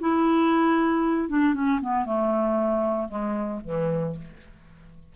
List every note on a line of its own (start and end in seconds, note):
0.00 1.29 E4
1.29 1.54 D4
1.54 1.80 C#4
1.81 2.05 B3
2.05 3.08 A3
3.08 3.60 G#3
3.64 4.16 E3